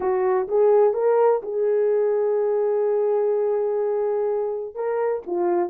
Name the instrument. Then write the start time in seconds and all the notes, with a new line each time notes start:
horn
0.00 F#4
0.47 G#4
0.93 A#4
1.42 G#4
4.74 A#4
5.26 F4